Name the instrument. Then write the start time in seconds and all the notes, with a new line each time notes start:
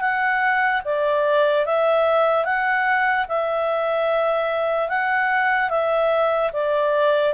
clarinet
0.00 F#5
0.84 D5
1.65 E5
2.44 F#5
3.28 E5
4.88 F#5
5.69 E5
6.52 D5